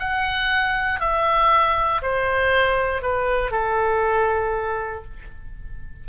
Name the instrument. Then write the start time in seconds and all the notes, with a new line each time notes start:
oboe
0.00 F#5
1.00 E5
2.02 C5
3.03 B4
3.52 A4